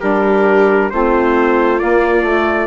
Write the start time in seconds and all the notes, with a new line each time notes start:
0.00 G3 D4 G4 A#4
0.90 A3 C4 F4 C5
1.79 A#3 D5
2.22 A3